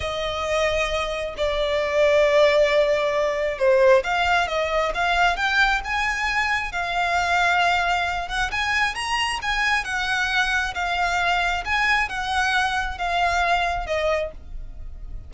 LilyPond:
\new Staff \with { instrumentName = "violin" } { \time 4/4 \tempo 4 = 134 dis''2. d''4~ | d''1 | c''4 f''4 dis''4 f''4 | g''4 gis''2 f''4~ |
f''2~ f''8 fis''8 gis''4 | ais''4 gis''4 fis''2 | f''2 gis''4 fis''4~ | fis''4 f''2 dis''4 | }